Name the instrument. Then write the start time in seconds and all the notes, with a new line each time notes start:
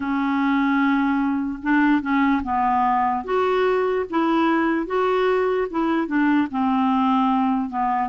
clarinet
0.00 C#4
1.62 D4
2.01 C#4
2.43 B3
3.24 F#4
4.10 E4
4.86 F#4
5.70 E4
6.07 D4
6.50 C4
7.69 B3